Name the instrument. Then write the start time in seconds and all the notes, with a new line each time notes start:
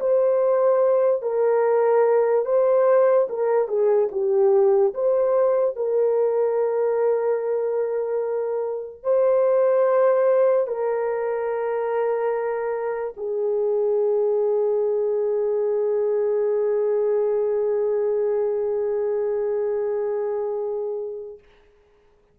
horn
0.00 C5
1.22 A#4
2.45 C5
3.29 A#4
3.68 G#4
4.12 G4
4.94 C5
5.76 A#4
9.03 C5
10.67 A#4
13.17 G#4